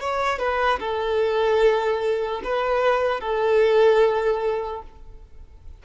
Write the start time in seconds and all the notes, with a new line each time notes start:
0.00 C#5
0.39 B4
0.80 A4
2.44 B4
3.20 A4